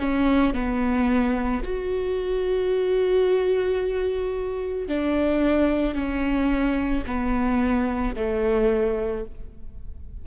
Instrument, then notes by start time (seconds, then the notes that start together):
viola
0.00 C#4
0.54 B3
1.64 F#4
4.88 D4
5.95 C#4
7.07 B3
8.16 A3